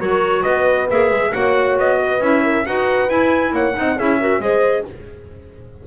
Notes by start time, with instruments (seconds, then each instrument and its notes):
0.00 double bass F#3, clarinet F#4, horn A#4, trumpet C#5
0.42 double bass B3, horn B4, trumpet D#5
0.90 double bass A#3, clarinet G#4, trumpet E5
1.11 double bass G#3
1.33 double bass A#3, clarinet F#4, horn C#5, trumpet F#5
1.78 double bass B3, trumpet D#5
2.01 horn B4
2.20 double bass C#4, clarinet E4, trumpet E5
2.44 horn A#4
2.66 double bass D#4, clarinet F#4, horn B4, trumpet F#5
3.09 clarinet E4, double bass E4, trumpet G#5
3.52 double bass A#3, horn C#5, trumpet F#5
3.74 double bass C4, clarinet D#4, horn D#5
3.97 double bass C#4, clarinet E4, horn G#4, trumpet E5
4.20 clarinet F#4, horn A#4
4.40 double bass G#3, clarinet G#4, horn C5, trumpet D#5